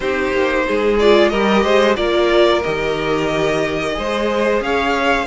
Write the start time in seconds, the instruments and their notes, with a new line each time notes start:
0.00 cello C4, viola D#4, violin G4 C5
0.32 cello A#3
0.67 cello G#3, violin G#4
0.99 viola F4, violin D5
1.28 cello G3, viola G4, violin A#4 D#5
1.63 cello G#3, violin C5
1.96 cello A#3, viola F4, violin A#4 D5
2.62 cello D#3, viola G4, violin D#5
3.94 cello G#3, viola G#4, violin C5
4.60 cello C#4, violin C#5 F5